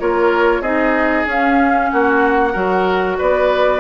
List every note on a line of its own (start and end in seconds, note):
0.00 0.61 A#3
0.00 0.64 F4
0.00 0.62 A#4
0.00 0.62 C#5
0.61 1.25 C4
0.61 1.27 D#4
0.61 1.89 G#4
0.61 1.26 D#5
1.26 1.90 C#4
1.26 2.54 C#4
1.26 1.90 F5
1.90 2.55 A#3
1.90 2.53 F#4
1.90 3.18 F#5
2.53 3.19 F#3
2.53 3.80 F#4
2.53 3.17 A#4
3.18 3.80 B3
3.18 3.80 B4
3.18 3.80 D5